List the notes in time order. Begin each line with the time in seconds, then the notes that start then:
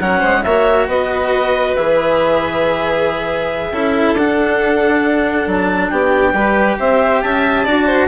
0.00 F#3 C#4 A#4 F#5
0.19 G#3 C5
0.43 A#3 F#4 C#5 E5
0.87 B3 B4 D#5
1.76 E3 G#4 E5
3.71 C#4 E4 A4
4.13 D4 F#5
5.47 F#3 A5
5.90 B3 G4 G5
6.33 G3 G4 B4
6.79 C4 C5 E5
7.22 C#4 E5 A5
7.64 D4 F#4 D5
7.86 C5